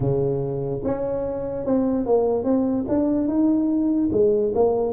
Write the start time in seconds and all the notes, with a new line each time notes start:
0.00 C#3
0.84 C#4
1.65 C4
2.05 A#3
2.44 C4
2.88 D4
3.27 D#4
4.11 G#3
4.54 A#3